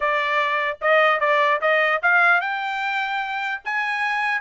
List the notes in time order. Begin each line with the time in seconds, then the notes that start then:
0.00 D5
0.81 D#5
1.20 D5
1.61 D#5
2.02 F5
2.41 G5
3.64 G#5